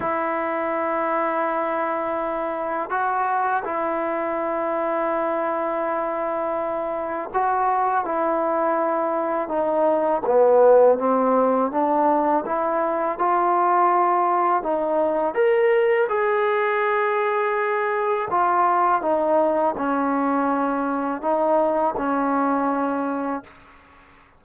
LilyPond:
\new Staff \with { instrumentName = "trombone" } { \time 4/4 \tempo 4 = 82 e'1 | fis'4 e'2.~ | e'2 fis'4 e'4~ | e'4 dis'4 b4 c'4 |
d'4 e'4 f'2 | dis'4 ais'4 gis'2~ | gis'4 f'4 dis'4 cis'4~ | cis'4 dis'4 cis'2 | }